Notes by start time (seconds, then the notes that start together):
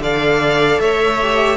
0.00 D3 A4 D5 F5
0.80 A3 C#5 E5
1.22 G4